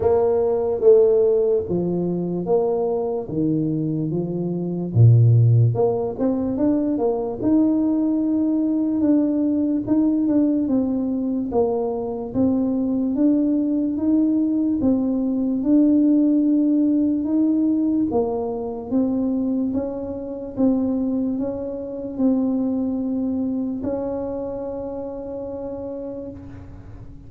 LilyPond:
\new Staff \with { instrumentName = "tuba" } { \time 4/4 \tempo 4 = 73 ais4 a4 f4 ais4 | dis4 f4 ais,4 ais8 c'8 | d'8 ais8 dis'2 d'4 | dis'8 d'8 c'4 ais4 c'4 |
d'4 dis'4 c'4 d'4~ | d'4 dis'4 ais4 c'4 | cis'4 c'4 cis'4 c'4~ | c'4 cis'2. | }